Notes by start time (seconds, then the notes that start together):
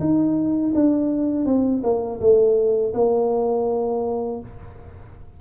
0.00 D#4
0.75 D4
1.46 C4
1.83 A#3
2.20 A3
2.94 A#3